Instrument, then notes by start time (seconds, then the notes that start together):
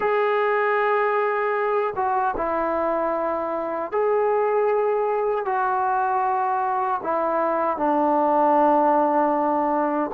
trombone
0.00 G#4
1.96 F#4
2.37 E4
3.91 G#4
5.45 F#4
7.03 E4
7.77 D4